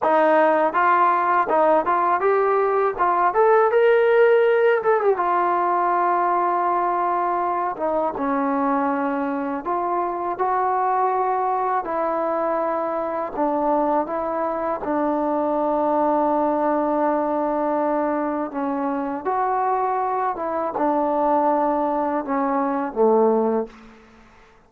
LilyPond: \new Staff \with { instrumentName = "trombone" } { \time 4/4 \tempo 4 = 81 dis'4 f'4 dis'8 f'8 g'4 | f'8 a'8 ais'4. a'16 g'16 f'4~ | f'2~ f'8 dis'8 cis'4~ | cis'4 f'4 fis'2 |
e'2 d'4 e'4 | d'1~ | d'4 cis'4 fis'4. e'8 | d'2 cis'4 a4 | }